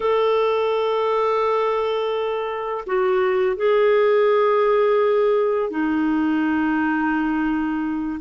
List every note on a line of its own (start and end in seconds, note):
0.00 2.84 A4
2.86 3.56 F#4
3.56 5.69 G#4
5.69 8.19 D#4